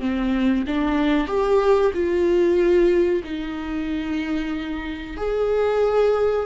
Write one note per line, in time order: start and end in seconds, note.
0.00 0.65 C4
0.67 1.27 D4
1.27 1.92 G4
1.94 3.23 F4
3.24 5.17 D#4
5.17 6.46 G#4